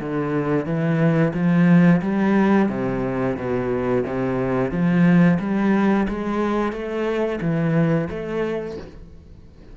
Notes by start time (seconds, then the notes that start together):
0.00 D3
0.66 E3
1.34 F3
2.02 G3
2.69 C3
3.37 B2
4.06 C3
4.71 F3
5.40 G3
6.09 G#3
6.72 A3
7.41 E3
8.10 A3